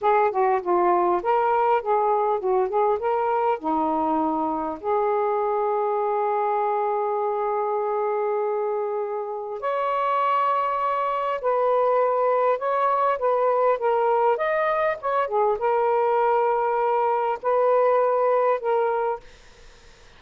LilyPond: \new Staff \with { instrumentName = "saxophone" } { \time 4/4 \tempo 4 = 100 gis'8 fis'8 f'4 ais'4 gis'4 | fis'8 gis'8 ais'4 dis'2 | gis'1~ | gis'1 |
cis''2. b'4~ | b'4 cis''4 b'4 ais'4 | dis''4 cis''8 gis'8 ais'2~ | ais'4 b'2 ais'4 | }